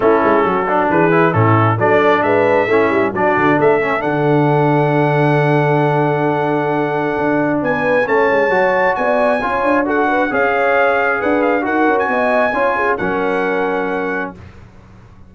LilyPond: <<
  \new Staff \with { instrumentName = "trumpet" } { \time 4/4 \tempo 4 = 134 a'2 b'4 a'4 | d''4 e''2 d''4 | e''4 fis''2.~ | fis''1~ |
fis''4 gis''4 a''2 | gis''2 fis''4 f''4~ | f''4 fis''8 f''8 fis''8. gis''4~ gis''16~ | gis''4 fis''2. | }
  \new Staff \with { instrumentName = "horn" } { \time 4/4 e'4 fis'4 gis'4 e'4 | a'4 b'4 e'4 fis'4 | a'1~ | a'1~ |
a'4 b'4 cis''2 | d''4 cis''4 a'8 b'8 cis''4~ | cis''4 b'4 ais'4 dis''4 | cis''8 gis'8 ais'2. | }
  \new Staff \with { instrumentName = "trombone" } { \time 4/4 cis'4. d'4 e'8 cis'4 | d'2 cis'4 d'4~ | d'8 cis'8 d'2.~ | d'1~ |
d'2 cis'4 fis'4~ | fis'4 f'4 fis'4 gis'4~ | gis'2 fis'2 | f'4 cis'2. | }
  \new Staff \with { instrumentName = "tuba" } { \time 4/4 a8 gis8 fis4 e4 a,4 | fis4 gis4 a8 g8 fis8 d8 | a4 d2.~ | d1 |
d'4 b4 a8 gis8 fis4 | b4 cis'8 d'4. cis'4~ | cis'4 d'4 dis'8 cis'8 b4 | cis'4 fis2. | }
>>